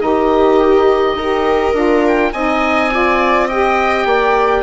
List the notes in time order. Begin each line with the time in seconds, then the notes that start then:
0.00 D#3 D#4 G4 D#5
1.15 D#4 A#4
1.21 G4
1.74 D4 F4
2.07 G5
2.33 C4 D#4 D#5 G#5
2.92 F4 D5
3.48 G4 D#5 G5
4.06 A#3 D5